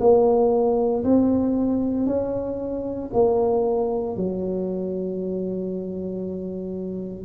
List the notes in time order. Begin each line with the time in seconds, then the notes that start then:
0.00 A#3
1.04 C4
2.06 C#4
3.13 A#3
4.16 F#3